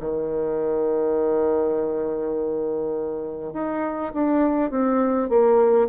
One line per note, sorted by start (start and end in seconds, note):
0.00 3.53 D#3
3.53 4.12 D#4
4.13 4.70 D4
4.70 5.29 C4
5.29 5.88 A#3